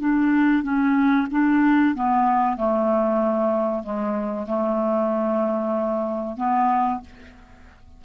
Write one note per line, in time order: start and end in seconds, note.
0.00 0.63 D4
0.63 1.27 C#4
1.31 1.95 D4
1.95 2.57 B3
2.57 3.83 A3
3.83 4.47 G#3
4.47 6.37 A3
6.37 7.01 B3